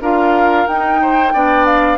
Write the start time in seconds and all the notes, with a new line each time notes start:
0.00 D4 F4 A#4 F5
0.66 D#4 G5
1.02 C5
1.33 B3 D4 D5
1.65 F5